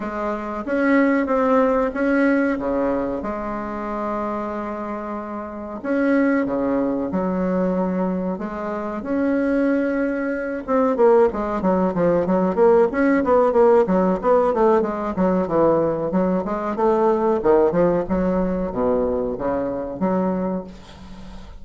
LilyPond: \new Staff \with { instrumentName = "bassoon" } { \time 4/4 \tempo 4 = 93 gis4 cis'4 c'4 cis'4 | cis4 gis2.~ | gis4 cis'4 cis4 fis4~ | fis4 gis4 cis'2~ |
cis'8 c'8 ais8 gis8 fis8 f8 fis8 ais8 | cis'8 b8 ais8 fis8 b8 a8 gis8 fis8 | e4 fis8 gis8 a4 dis8 f8 | fis4 b,4 cis4 fis4 | }